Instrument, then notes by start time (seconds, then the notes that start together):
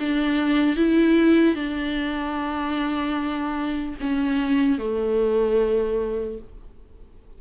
viola
0.00 D4
0.76 E4
1.56 D4
4.00 C#4
4.79 A3